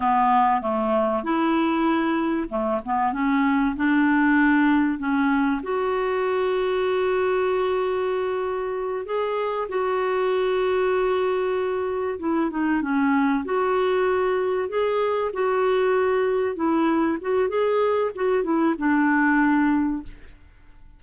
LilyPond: \new Staff \with { instrumentName = "clarinet" } { \time 4/4 \tempo 4 = 96 b4 a4 e'2 | a8 b8 cis'4 d'2 | cis'4 fis'2.~ | fis'2~ fis'8 gis'4 fis'8~ |
fis'2.~ fis'8 e'8 | dis'8 cis'4 fis'2 gis'8~ | gis'8 fis'2 e'4 fis'8 | gis'4 fis'8 e'8 d'2 | }